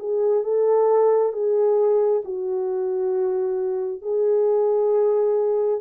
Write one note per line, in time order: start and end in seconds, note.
0.00 0.44 G#4
0.44 1.33 A4
1.33 2.23 G#4
2.25 4.03 F#4
4.03 5.81 G#4